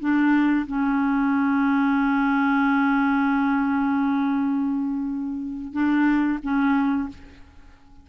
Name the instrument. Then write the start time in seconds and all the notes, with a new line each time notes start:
clarinet
0.00 D4
0.67 C#4
5.73 D4
6.43 C#4